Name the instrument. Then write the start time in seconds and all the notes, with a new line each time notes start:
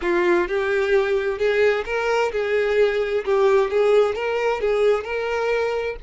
violin
0.01 F4
0.48 G4
1.38 G#4
1.85 A#4
2.32 G#4
3.24 G4
3.70 G#4
4.15 A#4
4.60 G#4
5.03 A#4